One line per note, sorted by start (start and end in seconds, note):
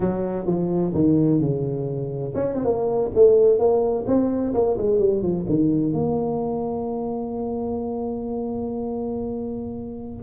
0.00 0.46 F#3
0.46 0.92 F3
0.94 1.40 D#3
1.40 2.33 C#3
2.34 2.54 C#4
2.54 2.64 C4
2.64 3.11 A#3
3.14 3.58 A3
3.58 4.05 A#3
4.07 4.53 C4
4.53 4.77 A#3
4.77 4.99 G#3
4.99 5.22 G3
5.22 5.45 F3
5.48 5.92 D#3
5.92 10.22 A#3